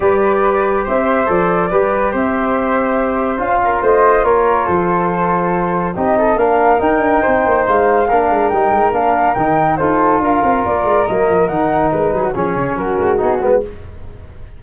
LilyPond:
<<
  \new Staff \with { instrumentName = "flute" } { \time 4/4 \tempo 4 = 141 d''2 e''4 d''4~ | d''4 e''2. | f''4 dis''4 cis''4 c''4~ | c''2 dis''4 f''4 |
g''2 f''2 | g''4 f''4 g''4 c''4 | f''4 d''4 dis''4 fis''4 | b'4 cis''4 ais'4 gis'8 ais'16 b'16 | }
  \new Staff \with { instrumentName = "flute" } { \time 4/4 b'2 c''2 | b'4 c''2.~ | c''8 ais'8 c''4 ais'4 a'4~ | a'2 g'8 a'8 ais'4~ |
ais'4 c''2 ais'4~ | ais'2. a'4 | ais'1~ | ais'8 gis'16 fis'16 gis'4 fis'2 | }
  \new Staff \with { instrumentName = "trombone" } { \time 4/4 g'2. a'4 | g'1 | f'1~ | f'2 dis'4 d'4 |
dis'2. d'4 | dis'4 d'4 dis'4 f'4~ | f'2 ais4 dis'4~ | dis'4 cis'2 dis'8 b8 | }
  \new Staff \with { instrumentName = "tuba" } { \time 4/4 g2 c'4 f4 | g4 c'2. | cis'4 a4 ais4 f4~ | f2 c'4 ais4 |
dis'8 d'8 c'8 ais8 gis4 ais8 gis8 | g8 gis8 ais4 dis4 dis'4 | d'8 c'8 ais8 gis8 fis8 f8 dis4 | gis8 fis8 f8 cis8 fis8 gis8 b8 gis8 | }
>>